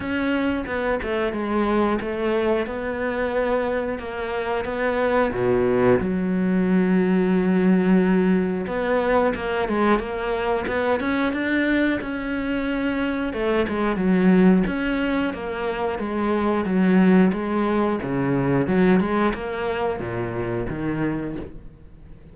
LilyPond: \new Staff \with { instrumentName = "cello" } { \time 4/4 \tempo 4 = 90 cis'4 b8 a8 gis4 a4 | b2 ais4 b4 | b,4 fis2.~ | fis4 b4 ais8 gis8 ais4 |
b8 cis'8 d'4 cis'2 | a8 gis8 fis4 cis'4 ais4 | gis4 fis4 gis4 cis4 | fis8 gis8 ais4 ais,4 dis4 | }